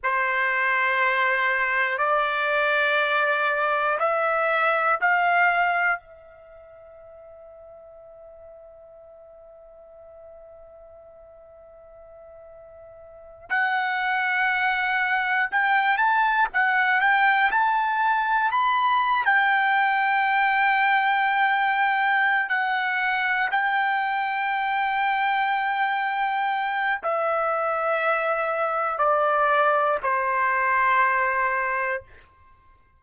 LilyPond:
\new Staff \with { instrumentName = "trumpet" } { \time 4/4 \tempo 4 = 60 c''2 d''2 | e''4 f''4 e''2~ | e''1~ | e''4. fis''2 g''8 |
a''8 fis''8 g''8 a''4 b''8. g''8.~ | g''2~ g''8 fis''4 g''8~ | g''2. e''4~ | e''4 d''4 c''2 | }